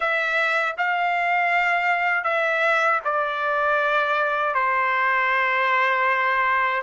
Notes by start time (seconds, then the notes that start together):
0.00 E5
0.77 F5
2.24 E5
3.04 D5
4.54 C5